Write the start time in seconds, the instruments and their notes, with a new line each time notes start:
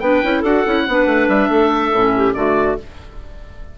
0.00 bassoon B3, clarinet D4 B4, oboe G5
0.24 bassoon C#4, clarinet E4
0.40 bassoon D4, clarinet F#4 A4, oboe F#5
0.66 bassoon C#4, clarinet E4
0.88 bassoon B3, clarinet D4 B4
1.06 bassoon A3
1.29 bassoon G3, oboe E5
1.49 bassoon A3, clarinet A4
1.93 bassoon A2, clarinet C#4
2.17 clarinet G4
2.34 bassoon D3, clarinet A3 F#4, oboe D5